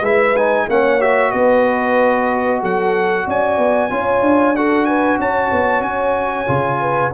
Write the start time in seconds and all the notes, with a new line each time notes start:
0.00 G#3 E4 B4 E5
0.36 D#4 G#5
0.68 A#3 C#4 C#5 F#5
1.00 F#4 E5
1.31 B3 B4 D#5
2.61 F#3 A4 F#5
3.26 C#4 D5 G#5
3.57 B3
3.90 C#4 F4 C#5
4.21 D4
4.56 F#4 A4 F#5
4.85 B4 G#5
5.19 C#4 C#5 A5
5.51 B3
5.80 C#4 G#5
6.47 C#3 F4
6.80 B4